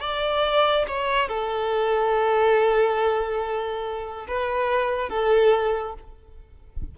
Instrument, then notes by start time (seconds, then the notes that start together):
violin
0.00 D5
0.87 C#5
1.28 A4
4.27 B4
5.09 A4